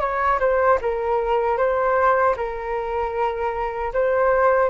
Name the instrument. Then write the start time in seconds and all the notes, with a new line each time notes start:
flute
0.00 C#5
0.39 C5
0.81 A#4
1.57 C5
2.37 A#4
3.93 C5